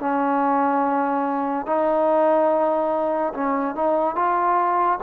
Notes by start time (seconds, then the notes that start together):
0.00 C#4
1.67 D#4
3.34 C#4
3.75 D#4
4.16 F4